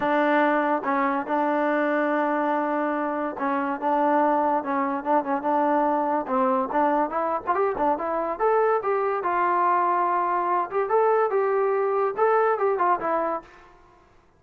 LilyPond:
\new Staff \with { instrumentName = "trombone" } { \time 4/4 \tempo 4 = 143 d'2 cis'4 d'4~ | d'1 | cis'4 d'2 cis'4 | d'8 cis'8 d'2 c'4 |
d'4 e'8. f'16 g'8 d'8 e'4 | a'4 g'4 f'2~ | f'4. g'8 a'4 g'4~ | g'4 a'4 g'8 f'8 e'4 | }